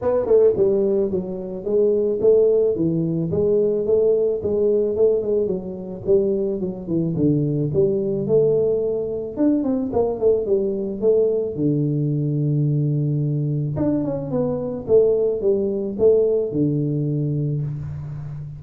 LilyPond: \new Staff \with { instrumentName = "tuba" } { \time 4/4 \tempo 4 = 109 b8 a8 g4 fis4 gis4 | a4 e4 gis4 a4 | gis4 a8 gis8 fis4 g4 | fis8 e8 d4 g4 a4~ |
a4 d'8 c'8 ais8 a8 g4 | a4 d2.~ | d4 d'8 cis'8 b4 a4 | g4 a4 d2 | }